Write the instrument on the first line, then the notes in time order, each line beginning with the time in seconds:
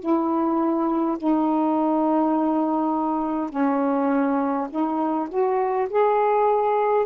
saxophone
0.00 E4
1.18 D#4
3.50 C#4
4.70 D#4
5.29 F#4
5.89 G#4